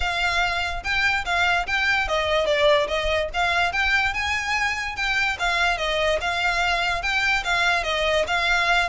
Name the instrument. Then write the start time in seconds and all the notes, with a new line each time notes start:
violin
0.00 F5
0.83 G5
1.25 F5
1.66 G5
2.08 D#5
2.45 D5
2.87 D#5
3.33 F5
3.72 G5
4.13 G#5
4.96 G5
5.39 F5
5.77 D#5
6.20 F5
7.02 G5
7.44 F5
7.83 D#5
8.27 F5